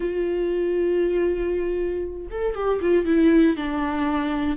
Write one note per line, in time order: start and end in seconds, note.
0.00 2.27 F4
2.30 2.54 A4
2.54 2.80 G4
2.81 3.05 F4
3.05 3.56 E4
3.56 4.56 D4